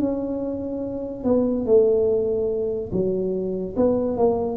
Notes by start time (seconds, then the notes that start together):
0.00 C#4
1.24 B3
1.66 A3
2.92 F#3
3.77 B3
4.17 A#3